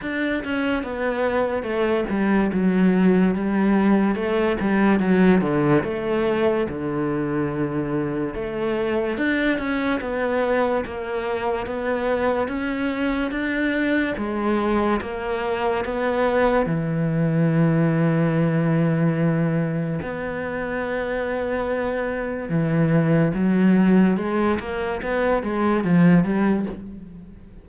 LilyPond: \new Staff \with { instrumentName = "cello" } { \time 4/4 \tempo 4 = 72 d'8 cis'8 b4 a8 g8 fis4 | g4 a8 g8 fis8 d8 a4 | d2 a4 d'8 cis'8 | b4 ais4 b4 cis'4 |
d'4 gis4 ais4 b4 | e1 | b2. e4 | fis4 gis8 ais8 b8 gis8 f8 g8 | }